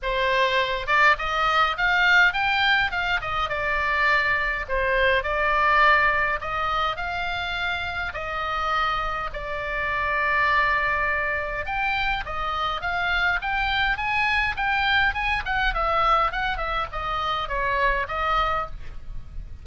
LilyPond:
\new Staff \with { instrumentName = "oboe" } { \time 4/4 \tempo 4 = 103 c''4. d''8 dis''4 f''4 | g''4 f''8 dis''8 d''2 | c''4 d''2 dis''4 | f''2 dis''2 |
d''1 | g''4 dis''4 f''4 g''4 | gis''4 g''4 gis''8 fis''8 e''4 | fis''8 e''8 dis''4 cis''4 dis''4 | }